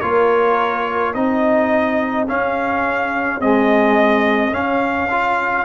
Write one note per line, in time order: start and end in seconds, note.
0.00 1.14 A#3
0.00 1.14 F4
0.00 1.13 A#4
0.00 1.13 C#5
1.13 2.27 C4
1.13 2.27 D#4
1.13 5.65 G#4
1.13 2.27 D#5
2.27 3.40 C#4
2.27 3.39 C#4
2.27 3.41 F5
3.39 4.52 G#3
3.39 4.52 C4
3.39 4.53 D#5
4.52 5.08 C#4
4.52 5.65 C#4
4.52 5.65 F5
5.10 5.65 F4